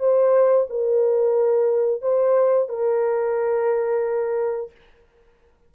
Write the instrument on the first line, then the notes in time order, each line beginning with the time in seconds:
horn
0.00 C5
0.70 A#4
2.02 C5
2.69 A#4